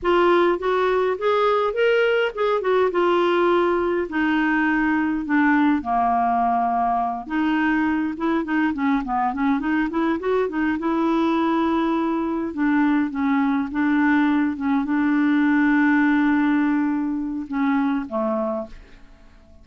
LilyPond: \new Staff \with { instrumentName = "clarinet" } { \time 4/4 \tempo 4 = 103 f'4 fis'4 gis'4 ais'4 | gis'8 fis'8 f'2 dis'4~ | dis'4 d'4 ais2~ | ais8 dis'4. e'8 dis'8 cis'8 b8 |
cis'8 dis'8 e'8 fis'8 dis'8 e'4.~ | e'4. d'4 cis'4 d'8~ | d'4 cis'8 d'2~ d'8~ | d'2 cis'4 a4 | }